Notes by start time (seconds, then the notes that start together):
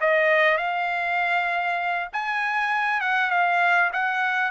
0.00 D#5
0.57 F5
2.12 G#5
3.01 F#5
3.30 F5
3.92 F#5